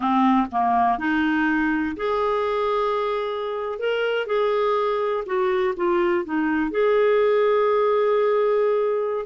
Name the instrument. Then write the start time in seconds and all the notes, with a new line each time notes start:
clarinet
0.00 C4
0.51 A#3
0.98 D#4
1.96 G#4
3.78 A#4
4.26 G#4
5.25 F#4
5.76 F4
6.24 D#4
6.70 G#4